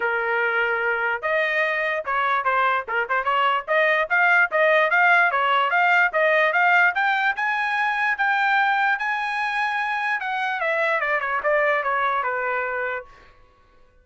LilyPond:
\new Staff \with { instrumentName = "trumpet" } { \time 4/4 \tempo 4 = 147 ais'2. dis''4~ | dis''4 cis''4 c''4 ais'8 c''8 | cis''4 dis''4 f''4 dis''4 | f''4 cis''4 f''4 dis''4 |
f''4 g''4 gis''2 | g''2 gis''2~ | gis''4 fis''4 e''4 d''8 cis''8 | d''4 cis''4 b'2 | }